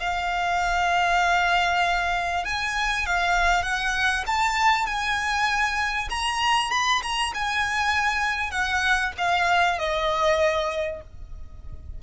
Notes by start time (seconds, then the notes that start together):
0.00 F5
2.45 G#5
3.06 F5
3.63 F#5
4.27 A5
4.86 G#5
6.10 A#5
6.71 B5
7.03 A#5
7.34 G#5
8.51 F#5
9.18 F5
9.78 D#5